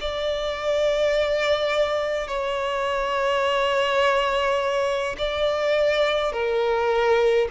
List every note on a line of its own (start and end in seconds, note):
0.00 2.27 D5
2.27 5.16 C#5
5.18 6.33 D5
6.33 7.48 A#4